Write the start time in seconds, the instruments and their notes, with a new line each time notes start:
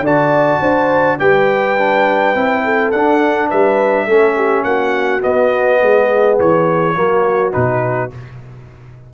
0.00 tuba D3, trombone F#4, horn D5
0.06 trumpet A5
0.61 tuba D4, horn C5
1.19 tuba G3, trombone G4, horn B4, trumpet G5
1.78 trombone D4
2.35 tuba C4, trombone E4
2.64 horn A4
2.91 tuba D4, trombone D4, trumpet F#5
3.49 tuba G3, horn B4, trumpet E5
4.06 tuba A3, trombone C#4, horn A4
4.36 horn G4
4.64 tuba A#3, horn F#4, trumpet F#5
5.21 trombone B3, tuba B3, trumpet D#5
5.81 tuba G#3, horn G#4
6.40 tuba E3, trumpet C#5
6.95 tuba F#3, trombone A#3, horn F#4
7.52 tuba B2, trombone D#4, trumpet B4